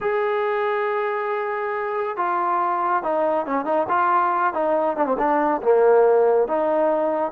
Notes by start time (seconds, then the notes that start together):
0.01 G#4
2.16 F4
3.03 D#4
3.46 C#4
3.65 D#4
3.88 F4
4.53 D#4
4.96 D4
5.06 C4
5.18 D4
5.62 A#3
6.47 D#4